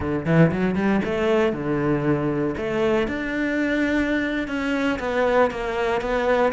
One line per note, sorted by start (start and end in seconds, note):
0.00 0.25 D3
0.25 0.51 E3
0.51 0.75 F#3
0.75 1.00 G3
1.04 1.52 A3
1.52 2.55 D3
2.57 3.07 A3
3.07 4.47 D4
4.47 4.99 C#4
4.99 5.50 B3
5.51 6.01 A#3
6.01 6.52 B3